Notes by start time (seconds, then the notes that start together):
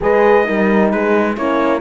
0.00 G#3 G#4 B4 D#5
0.44 G3 D#4 A#4
0.90 G#3 G#4 B4
1.35 A#3 C#4 E4 C#5